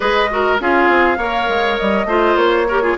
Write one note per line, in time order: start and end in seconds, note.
0.00 0.60 G#3
0.00 0.29 G#4
0.00 0.29 B4
0.00 0.58 D#5
0.30 0.59 F#4
0.30 0.61 A#4
0.60 0.88 C#4
0.60 1.18 F4
0.60 1.17 G#4
0.60 1.78 F5
0.88 1.17 C4
1.17 1.47 A#3
1.17 2.07 A#4
1.17 2.07 C#5
1.48 1.78 G#3
1.78 2.05 G3
1.78 2.37 D#5
2.05 2.35 A3
2.05 2.67 F4
2.05 2.67 C5
2.36 2.95 A#3
2.36 2.96 C#5
2.68 2.82 G4
2.68 2.82 A#4
2.82 2.97 F4
2.82 2.97 G#4